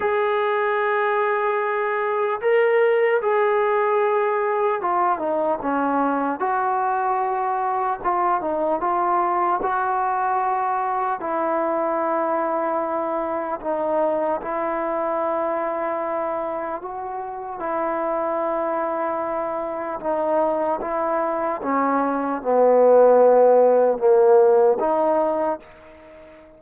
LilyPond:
\new Staff \with { instrumentName = "trombone" } { \time 4/4 \tempo 4 = 75 gis'2. ais'4 | gis'2 f'8 dis'8 cis'4 | fis'2 f'8 dis'8 f'4 | fis'2 e'2~ |
e'4 dis'4 e'2~ | e'4 fis'4 e'2~ | e'4 dis'4 e'4 cis'4 | b2 ais4 dis'4 | }